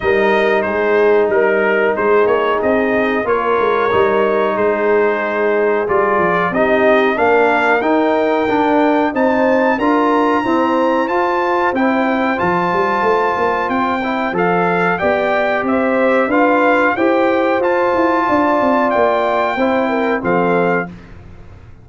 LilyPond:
<<
  \new Staff \with { instrumentName = "trumpet" } { \time 4/4 \tempo 4 = 92 dis''4 c''4 ais'4 c''8 cis''8 | dis''4 cis''2 c''4~ | c''4 d''4 dis''4 f''4 | g''2 a''4 ais''4~ |
ais''4 a''4 g''4 a''4~ | a''4 g''4 f''4 g''4 | e''4 f''4 g''4 a''4~ | a''4 g''2 f''4 | }
  \new Staff \with { instrumentName = "horn" } { \time 4/4 ais'4 gis'4 ais'4 gis'4~ | gis'4 ais'2 gis'4~ | gis'2 g'4 ais'4~ | ais'2 c''4 ais'4 |
c''1~ | c''2. d''4 | c''4 b'4 c''2 | d''2 c''8 ais'8 a'4 | }
  \new Staff \with { instrumentName = "trombone" } { \time 4/4 dis'1~ | dis'4 f'4 dis'2~ | dis'4 f'4 dis'4 d'4 | dis'4 d'4 dis'4 f'4 |
c'4 f'4 e'4 f'4~ | f'4. e'8 a'4 g'4~ | g'4 f'4 g'4 f'4~ | f'2 e'4 c'4 | }
  \new Staff \with { instrumentName = "tuba" } { \time 4/4 g4 gis4 g4 gis8 ais8 | c'4 ais8 gis8 g4 gis4~ | gis4 g8 f8 c'4 ais4 | dis'4 d'4 c'4 d'4 |
e'4 f'4 c'4 f8 g8 | a8 ais8 c'4 f4 b4 | c'4 d'4 e'4 f'8 e'8 | d'8 c'8 ais4 c'4 f4 | }
>>